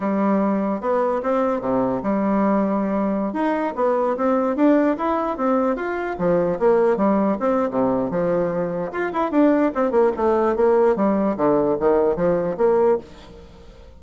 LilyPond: \new Staff \with { instrumentName = "bassoon" } { \time 4/4 \tempo 4 = 148 g2 b4 c'4 | c4 g2.~ | g16 dis'4 b4 c'4 d'8.~ | d'16 e'4 c'4 f'4 f8.~ |
f16 ais4 g4 c'8. c4 | f2 f'8 e'8 d'4 | c'8 ais8 a4 ais4 g4 | d4 dis4 f4 ais4 | }